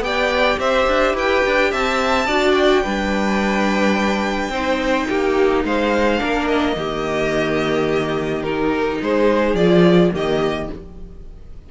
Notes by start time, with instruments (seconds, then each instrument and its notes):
0.00 cello B3, viola G4, violin D5 G5
0.58 cello C4, violin C5 E5
0.87 cello D4
1.13 cello E4, violin B4 G5
1.46 cello D4
1.71 cello C4, violin E5 A5
2.26 cello D4, viola F#4, violin D5
2.52 violin G5
2.82 cello G3, viola D4, violin B4
4.49 cello C4, viola D#4, violin C5
5.09 cello A#3, violin G4
5.64 cello G#3, violin C5 F5
6.18 cello A#3, viola D4, violin A#4
6.47 violin D#5
6.76 cello D#3, viola A#3, violin G4
8.43 viola D#4, violin A#4
9.02 cello G#3, violin G#4 C5
9.54 cello F3, viola F4, violin D5
10.12 cello D#3, viola A#3, violin G4 D#5